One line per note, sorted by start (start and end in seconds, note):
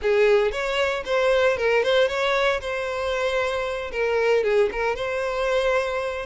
0.01 0.51 G#4
0.51 1.03 C#5
1.05 1.57 C5
1.57 1.83 A#4
1.83 2.08 C5
2.08 2.60 C#5
2.60 3.91 C5
3.91 4.43 A#4
4.43 4.69 G#4
4.71 4.95 A#4
4.95 6.26 C5